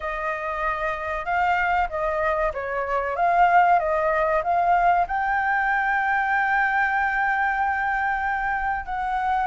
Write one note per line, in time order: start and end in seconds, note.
0.00 1.25 D#5
1.25 1.88 F5
1.89 2.52 D#5
2.53 3.16 C#5
3.16 3.79 F5
3.79 4.42 D#5
4.43 5.06 F5
5.07 8.85 G5
8.85 9.46 F#5